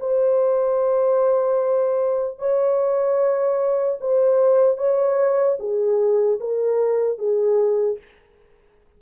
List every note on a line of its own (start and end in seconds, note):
0.00 2.39 C5
2.39 3.99 C#5
4.01 4.78 C5
4.78 5.57 C#5
5.60 6.40 G#4
6.41 7.19 A#4
7.19 7.99 G#4